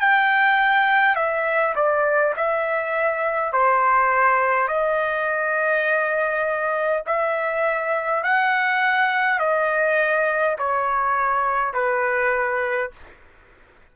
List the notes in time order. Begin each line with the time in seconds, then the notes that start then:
0.00 G5
1.16 E5
1.75 D5
2.36 E5
3.52 C5
4.68 D#5
7.06 E5
8.24 F#5
9.39 D#5
10.58 C#5
11.74 B4